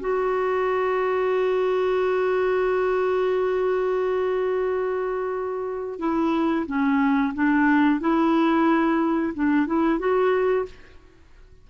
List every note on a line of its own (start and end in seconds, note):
0.00 5.99 F#4
5.99 6.65 E4
6.67 7.33 C#4
7.34 8.00 D4
8.00 9.33 E4
9.34 9.67 D4
9.67 9.99 E4
9.99 10.65 F#4